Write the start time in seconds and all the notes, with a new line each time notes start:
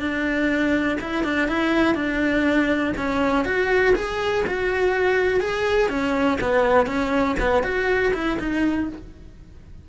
0.00 D4
1.01 E4
1.24 D4
1.48 E4
1.95 D4
2.97 C#4
3.45 F#4
3.95 G#4
4.47 F#4
5.41 G#4
5.89 C#4
6.41 B3
6.87 C#4
7.40 B3
7.64 F#4
8.14 E4
8.40 D#4